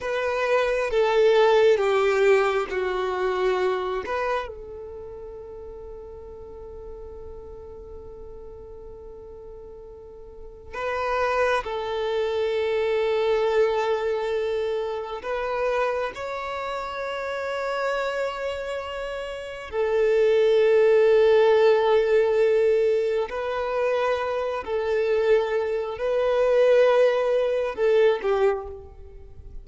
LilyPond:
\new Staff \with { instrumentName = "violin" } { \time 4/4 \tempo 4 = 67 b'4 a'4 g'4 fis'4~ | fis'8 b'8 a'2.~ | a'1 | b'4 a'2.~ |
a'4 b'4 cis''2~ | cis''2 a'2~ | a'2 b'4. a'8~ | a'4 b'2 a'8 g'8 | }